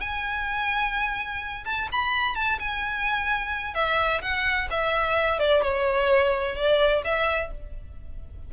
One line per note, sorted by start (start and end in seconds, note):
0.00 1.64 G#5
1.65 1.88 A5
1.92 2.35 B5
2.35 2.58 A5
2.59 3.74 G#5
3.74 4.21 E5
4.21 4.68 F#5
4.70 5.39 E5
5.39 5.62 D5
5.62 6.55 C#5
6.55 7.02 D5
7.04 7.51 E5